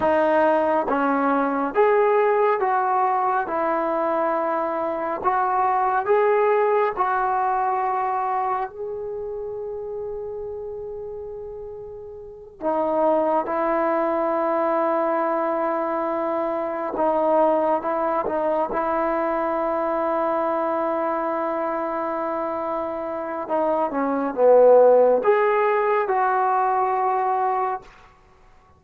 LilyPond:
\new Staff \with { instrumentName = "trombone" } { \time 4/4 \tempo 4 = 69 dis'4 cis'4 gis'4 fis'4 | e'2 fis'4 gis'4 | fis'2 gis'2~ | gis'2~ gis'8 dis'4 e'8~ |
e'2.~ e'8 dis'8~ | dis'8 e'8 dis'8 e'2~ e'8~ | e'2. dis'8 cis'8 | b4 gis'4 fis'2 | }